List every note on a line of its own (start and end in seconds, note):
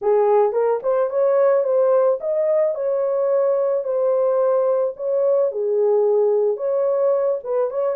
0.01 0.52 G#4
0.52 0.80 A#4
0.83 1.09 C5
1.09 1.63 C#5
1.63 2.18 C5
2.20 2.74 D#5
2.74 3.84 C#5
3.84 4.94 C5
4.96 5.51 C#5
5.51 6.56 G#4
6.56 7.39 C#5
7.43 7.70 B4
7.70 7.95 C#5